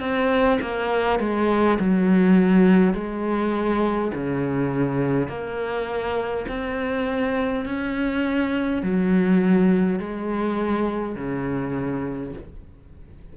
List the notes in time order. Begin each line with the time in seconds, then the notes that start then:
0.00 C4
0.61 A#3
1.20 G#3
1.80 F#3
2.94 G#3
4.14 C#3
5.28 A#3
6.48 C4
7.66 C#4
8.83 F#3
10.00 G#3
11.16 C#3